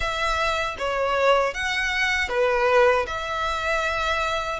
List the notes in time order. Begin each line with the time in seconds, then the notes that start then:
0.00 E5
0.78 C#5
1.54 F#5
2.29 B4
3.07 E5